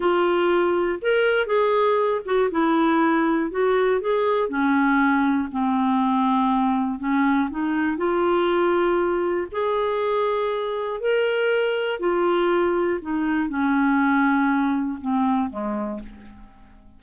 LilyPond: \new Staff \with { instrumentName = "clarinet" } { \time 4/4 \tempo 4 = 120 f'2 ais'4 gis'4~ | gis'8 fis'8 e'2 fis'4 | gis'4 cis'2 c'4~ | c'2 cis'4 dis'4 |
f'2. gis'4~ | gis'2 ais'2 | f'2 dis'4 cis'4~ | cis'2 c'4 gis4 | }